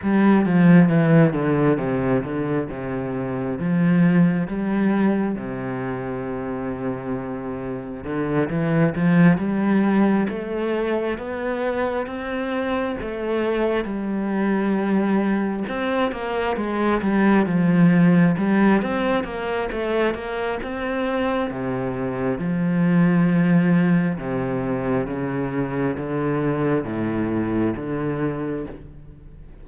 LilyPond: \new Staff \with { instrumentName = "cello" } { \time 4/4 \tempo 4 = 67 g8 f8 e8 d8 c8 d8 c4 | f4 g4 c2~ | c4 d8 e8 f8 g4 a8~ | a8 b4 c'4 a4 g8~ |
g4. c'8 ais8 gis8 g8 f8~ | f8 g8 c'8 ais8 a8 ais8 c'4 | c4 f2 c4 | cis4 d4 a,4 d4 | }